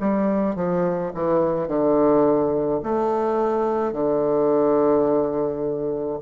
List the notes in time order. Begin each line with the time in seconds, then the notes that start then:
0.00 G3
0.56 F3
1.14 E3
1.68 D3
2.83 A3
3.93 D3